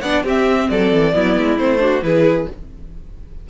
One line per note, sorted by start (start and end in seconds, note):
0.00 0.24 B3
0.00 0.26 D4
0.00 0.23 D5
0.00 0.22 F#5
0.23 0.68 C4
0.23 1.12 C4
0.23 0.68 G4
0.23 0.69 E5
0.69 0.92 F#3
0.69 1.15 A4
0.69 1.58 D5
0.92 1.14 E3
1.12 1.37 F#3
1.12 1.57 B3
1.12 1.82 E4
1.37 1.59 G#3
1.58 2.02 A3
1.58 1.79 C4
1.58 2.03 C5
1.79 2.01 D4
1.79 2.04 F#4
2.02 2.46 E3
2.02 2.47 E4
2.02 2.49 G#4
2.02 2.48 B4